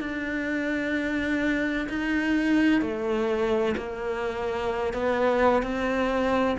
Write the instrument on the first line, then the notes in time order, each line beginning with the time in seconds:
cello
0.00 D4
1.89 D#4
2.81 A3
3.77 A#3
4.93 B3
5.62 C4